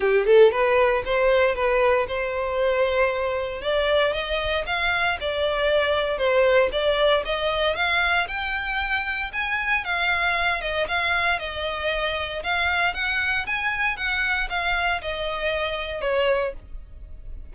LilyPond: \new Staff \with { instrumentName = "violin" } { \time 4/4 \tempo 4 = 116 g'8 a'8 b'4 c''4 b'4 | c''2. d''4 | dis''4 f''4 d''2 | c''4 d''4 dis''4 f''4 |
g''2 gis''4 f''4~ | f''8 dis''8 f''4 dis''2 | f''4 fis''4 gis''4 fis''4 | f''4 dis''2 cis''4 | }